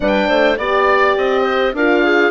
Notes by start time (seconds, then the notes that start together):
0.00 G3 D4 B4 G5
0.28 A3 C5
0.57 B3 G4 D5
1.17 C4 D#5
1.42 C5
1.73 D4 F4 A#4 F5
2.04 G#4